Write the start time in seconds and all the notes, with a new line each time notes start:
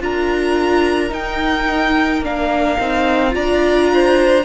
0.00 D4 F4 A#4 A#5
1.09 D#4 G5
2.21 A#3 D4 F5
2.79 C4 D#4
3.30 D4 F4 D5 A#5
3.94 C5